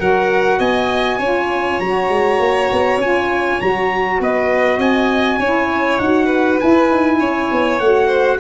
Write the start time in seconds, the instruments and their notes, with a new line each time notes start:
0.00 tuba F#3, saxophone F#4, violin A#4, trumpet F#5
0.59 tuba B3, violin D#5, trumpet G#5
1.18 tuba C#4, saxophone F4, violin C#5
1.80 tuba F#3, saxophone F#4, trumpet A#5
2.10 tuba G#3
2.40 tuba A#3
2.72 tuba B3
2.97 tuba C#4, saxophone F4, trumpet G#5
3.61 tuba F#3, saxophone F#4, trumpet A#5
4.21 tuba B3, violin B4, trumpet D#5
4.79 tuba C4, violin D#5, trumpet G#5
5.39 tuba C#4, saxophone E4, violin C#5
5.99 tuba D#4, saxophone F#4, trumpet F#5
6.26 violin B4
6.60 saxophone E4, tuba E4, trumpet G#5
6.91 tuba D#4
7.20 tuba C#4, violin C#5
7.52 tuba B3
7.79 tuba A3, saxophone F#4, trumpet F#5
8.07 violin C5